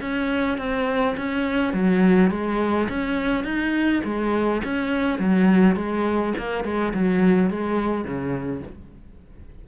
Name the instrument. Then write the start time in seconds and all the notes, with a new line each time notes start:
cello
0.00 C#4
0.57 C4
1.16 C#4
1.73 F#3
2.30 G#3
2.89 C#4
3.44 D#4
4.04 G#3
4.64 C#4
5.19 F#3
5.75 G#3
6.37 A#3
6.64 G#3
6.94 F#3
7.50 G#3
8.04 C#3